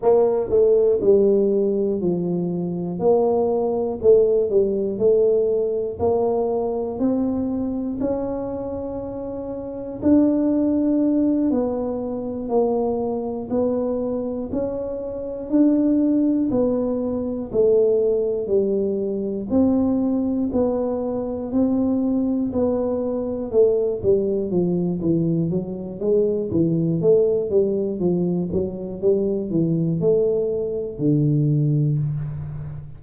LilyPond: \new Staff \with { instrumentName = "tuba" } { \time 4/4 \tempo 4 = 60 ais8 a8 g4 f4 ais4 | a8 g8 a4 ais4 c'4 | cis'2 d'4. b8~ | b8 ais4 b4 cis'4 d'8~ |
d'8 b4 a4 g4 c'8~ | c'8 b4 c'4 b4 a8 | g8 f8 e8 fis8 gis8 e8 a8 g8 | f8 fis8 g8 e8 a4 d4 | }